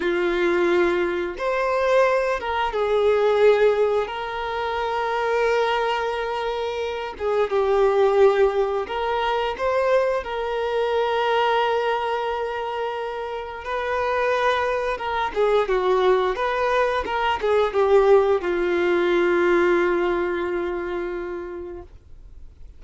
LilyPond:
\new Staff \with { instrumentName = "violin" } { \time 4/4 \tempo 4 = 88 f'2 c''4. ais'8 | gis'2 ais'2~ | ais'2~ ais'8 gis'8 g'4~ | g'4 ais'4 c''4 ais'4~ |
ais'1 | b'2 ais'8 gis'8 fis'4 | b'4 ais'8 gis'8 g'4 f'4~ | f'1 | }